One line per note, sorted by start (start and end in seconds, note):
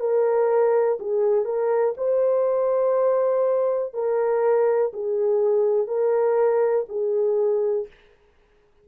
0.00 0.98 A#4
1.00 1.45 G#4
1.45 1.94 A#4
1.97 3.93 C5
3.93 4.92 A#4
4.93 5.87 G#4
5.87 6.86 A#4
6.89 7.87 G#4